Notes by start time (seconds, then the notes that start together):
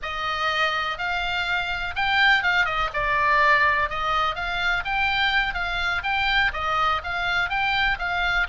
0.02 D#5
0.98 F5
1.95 G5
2.43 F5
2.65 D#5
2.93 D5
3.89 D#5
4.35 F5
4.84 G5
5.53 F5
6.03 G5
6.53 D#5
7.03 F5
7.49 G5
7.98 F5